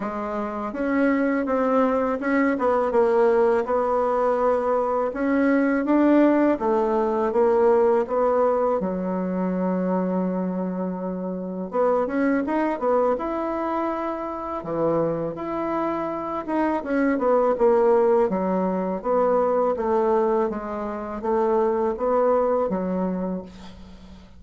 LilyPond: \new Staff \with { instrumentName = "bassoon" } { \time 4/4 \tempo 4 = 82 gis4 cis'4 c'4 cis'8 b8 | ais4 b2 cis'4 | d'4 a4 ais4 b4 | fis1 |
b8 cis'8 dis'8 b8 e'2 | e4 e'4. dis'8 cis'8 b8 | ais4 fis4 b4 a4 | gis4 a4 b4 fis4 | }